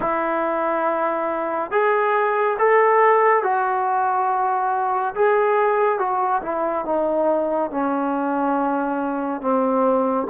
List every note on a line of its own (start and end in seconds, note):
0.00 1.71 E4
1.71 2.57 G#4
2.58 3.43 A4
3.43 5.14 F#4
5.14 5.98 G#4
5.98 6.41 F#4
6.42 6.85 E4
6.85 7.70 D#4
7.70 9.41 C#4
9.41 10.27 C4